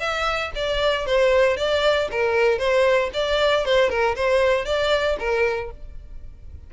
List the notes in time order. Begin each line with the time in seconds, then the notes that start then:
0.00 E5
0.56 D5
1.07 C5
1.57 D5
2.12 A#4
2.59 C5
3.14 D5
3.66 C5
3.90 A#4
4.16 C5
4.66 D5
5.20 A#4